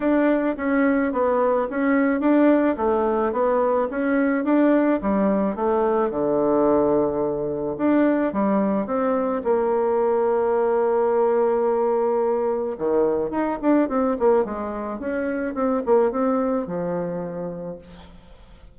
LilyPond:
\new Staff \with { instrumentName = "bassoon" } { \time 4/4 \tempo 4 = 108 d'4 cis'4 b4 cis'4 | d'4 a4 b4 cis'4 | d'4 g4 a4 d4~ | d2 d'4 g4 |
c'4 ais2.~ | ais2. dis4 | dis'8 d'8 c'8 ais8 gis4 cis'4 | c'8 ais8 c'4 f2 | }